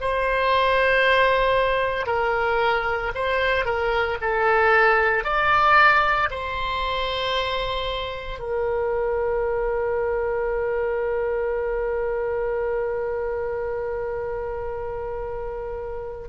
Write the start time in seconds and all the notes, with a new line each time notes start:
0.00 C5
2.06 A#4
3.15 C5
3.65 A#4
4.21 A4
5.23 D5
6.30 C5
8.39 A#4